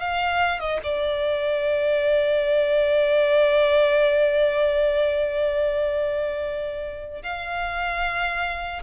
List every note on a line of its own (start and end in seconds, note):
0.00 0.60 F5
0.60 0.80 D#5
0.83 7.23 D5
7.23 8.83 F5